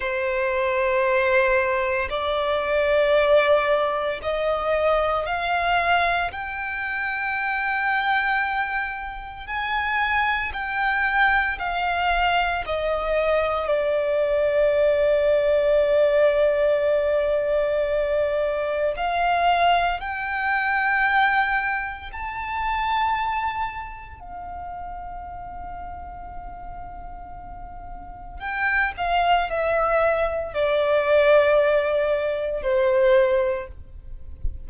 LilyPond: \new Staff \with { instrumentName = "violin" } { \time 4/4 \tempo 4 = 57 c''2 d''2 | dis''4 f''4 g''2~ | g''4 gis''4 g''4 f''4 | dis''4 d''2.~ |
d''2 f''4 g''4~ | g''4 a''2 f''4~ | f''2. g''8 f''8 | e''4 d''2 c''4 | }